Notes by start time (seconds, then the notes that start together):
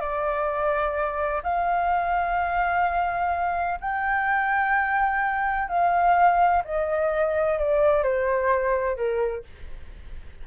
0.00 D5
1.43 F5
3.81 G5
5.68 F5
6.64 D#5
7.59 D5
8.03 C5
8.96 A#4